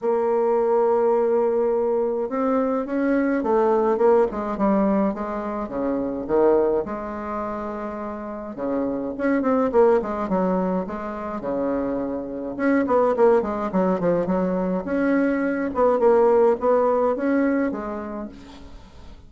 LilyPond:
\new Staff \with { instrumentName = "bassoon" } { \time 4/4 \tempo 4 = 105 ais1 | c'4 cis'4 a4 ais8 gis8 | g4 gis4 cis4 dis4 | gis2. cis4 |
cis'8 c'8 ais8 gis8 fis4 gis4 | cis2 cis'8 b8 ais8 gis8 | fis8 f8 fis4 cis'4. b8 | ais4 b4 cis'4 gis4 | }